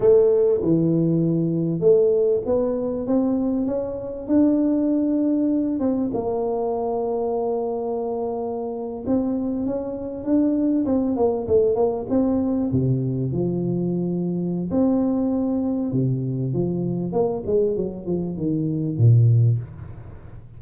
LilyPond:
\new Staff \with { instrumentName = "tuba" } { \time 4/4 \tempo 4 = 98 a4 e2 a4 | b4 c'4 cis'4 d'4~ | d'4. c'8 ais2~ | ais2~ ais8. c'4 cis'16~ |
cis'8. d'4 c'8 ais8 a8 ais8 c'16~ | c'8. c4 f2~ f16 | c'2 c4 f4 | ais8 gis8 fis8 f8 dis4 ais,4 | }